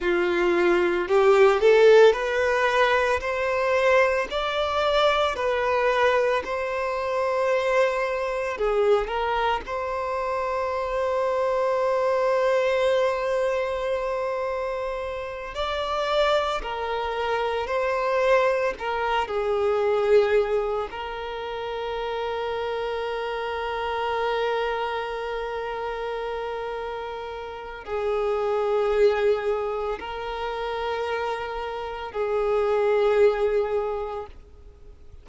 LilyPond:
\new Staff \with { instrumentName = "violin" } { \time 4/4 \tempo 4 = 56 f'4 g'8 a'8 b'4 c''4 | d''4 b'4 c''2 | gis'8 ais'8 c''2.~ | c''2~ c''8 d''4 ais'8~ |
ais'8 c''4 ais'8 gis'4. ais'8~ | ais'1~ | ais'2 gis'2 | ais'2 gis'2 | }